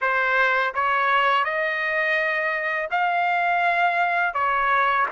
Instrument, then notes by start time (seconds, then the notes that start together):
trumpet
0.01 C5
0.74 C#5
1.44 D#5
2.90 F5
4.34 C#5